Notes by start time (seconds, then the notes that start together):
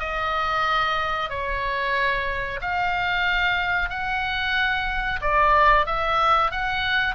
0.00 D#5
1.30 C#5
2.61 F5
3.90 F#5
5.21 D5
5.86 E5
6.52 F#5